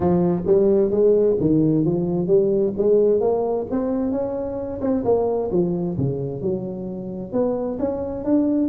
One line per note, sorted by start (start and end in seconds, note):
0.00 0.42 F3
0.46 0.90 G3
0.90 1.36 G#3
1.40 1.85 D#3
1.85 2.27 F3
2.27 2.73 G3
2.77 3.20 G#3
3.20 3.66 A#3
3.70 4.11 C4
4.11 4.80 C#4
4.81 5.04 C4
5.04 5.50 A#3
5.51 5.97 F3
5.97 6.41 C#3
6.41 7.32 F#3
7.32 7.78 B3
7.79 8.24 C#4
8.24 8.69 D4